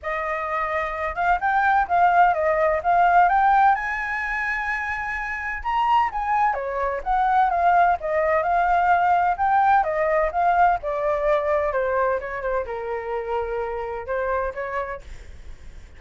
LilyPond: \new Staff \with { instrumentName = "flute" } { \time 4/4 \tempo 4 = 128 dis''2~ dis''8 f''8 g''4 | f''4 dis''4 f''4 g''4 | gis''1 | ais''4 gis''4 cis''4 fis''4 |
f''4 dis''4 f''2 | g''4 dis''4 f''4 d''4~ | d''4 c''4 cis''8 c''8 ais'4~ | ais'2 c''4 cis''4 | }